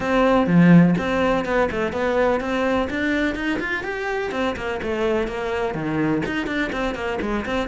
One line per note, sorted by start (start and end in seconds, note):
0.00 0.46 C4
0.46 0.94 F3
0.98 1.45 C4
1.45 1.69 B3
1.71 1.92 A3
1.92 2.40 B3
2.40 2.88 C4
2.90 3.35 D4
3.35 3.59 D#4
3.59 3.83 F4
3.83 4.31 G4
4.31 4.55 C4
4.56 4.80 A#3
4.82 5.27 A3
5.27 5.74 A#3
5.74 6.22 D#3
6.25 6.46 D#4
6.46 6.70 D4
6.72 6.94 C4
6.94 7.18 A#3
7.21 7.45 G#3
7.45 7.68 C4